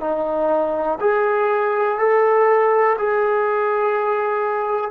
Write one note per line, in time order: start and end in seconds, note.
0.00 0.98 D#4
1.00 1.98 G#4
1.98 2.96 A4
2.98 4.90 G#4